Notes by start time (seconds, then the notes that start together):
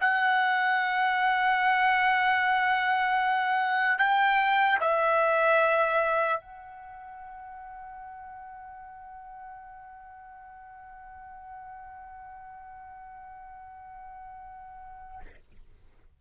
0.00 F#5
3.98 G5
4.80 E5
6.40 F#5